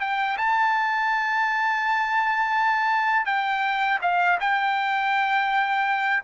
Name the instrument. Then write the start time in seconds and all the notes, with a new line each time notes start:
trumpet
0.00 G5
0.37 A5
3.25 G5
4.01 F5
4.40 G5